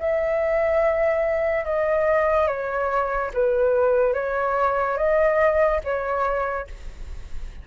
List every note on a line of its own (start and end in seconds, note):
0.00 1.65 E5
1.65 2.47 D#5
2.47 3.31 C#5
3.34 4.14 B4
4.14 4.97 C#5
4.97 5.81 D#5
5.84 6.67 C#5